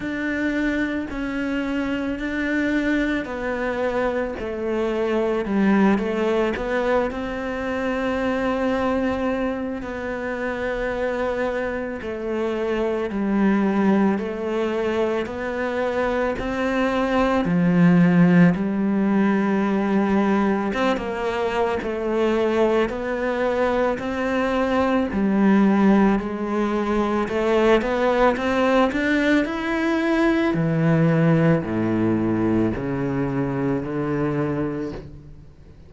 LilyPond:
\new Staff \with { instrumentName = "cello" } { \time 4/4 \tempo 4 = 55 d'4 cis'4 d'4 b4 | a4 g8 a8 b8 c'4.~ | c'4 b2 a4 | g4 a4 b4 c'4 |
f4 g2 c'16 ais8. | a4 b4 c'4 g4 | gis4 a8 b8 c'8 d'8 e'4 | e4 a,4 cis4 d4 | }